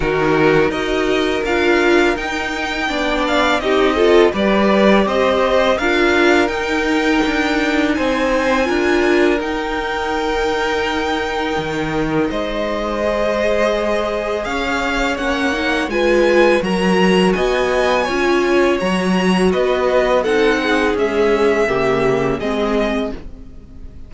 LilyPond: <<
  \new Staff \with { instrumentName = "violin" } { \time 4/4 \tempo 4 = 83 ais'4 dis''4 f''4 g''4~ | g''8 f''8 dis''4 d''4 dis''4 | f''4 g''2 gis''4~ | gis''4 g''2.~ |
g''4 dis''2. | f''4 fis''4 gis''4 ais''4 | gis''2 ais''4 dis''4 | fis''4 e''2 dis''4 | }
  \new Staff \with { instrumentName = "violin" } { \time 4/4 fis'4 ais'2. | d''4 g'8 a'8 b'4 c''4 | ais'2. c''4 | ais'1~ |
ais'4 c''2. | cis''2 b'4 ais'4 | dis''4 cis''2 b'4 | a'8 gis'4. g'4 gis'4 | }
  \new Staff \with { instrumentName = "viola" } { \time 4/4 dis'4 fis'4 f'4 dis'4 | d'4 dis'8 f'8 g'2 | f'4 dis'2. | f'4 dis'2.~ |
dis'2 gis'2~ | gis'4 cis'8 dis'8 f'4 fis'4~ | fis'4 f'4 fis'2 | dis'4 gis4 ais4 c'4 | }
  \new Staff \with { instrumentName = "cello" } { \time 4/4 dis4 dis'4 d'4 dis'4 | b4 c'4 g4 c'4 | d'4 dis'4 d'4 c'4 | d'4 dis'2. |
dis4 gis2. | cis'4 ais4 gis4 fis4 | b4 cis'4 fis4 b4 | c'4 cis'4 cis4 gis4 | }
>>